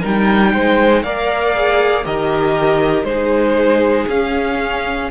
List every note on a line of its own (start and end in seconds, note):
0.00 0.54 G3
0.00 1.04 D#4
0.00 0.51 A#4
0.00 1.03 G5
0.53 1.03 G#3
0.53 1.03 C5
1.03 2.04 A#3
1.03 1.54 A#4
1.03 2.04 D5
1.03 2.04 F5
1.54 2.04 G#4
2.04 3.03 D#3
2.04 3.06 G4
2.04 3.06 A#4
2.04 3.04 D#5
3.03 4.05 G#3
3.03 4.08 D#4
3.03 5.10 G#4
3.03 4.06 C5
4.08 5.09 C#4
4.08 5.10 C#4
4.08 5.10 F5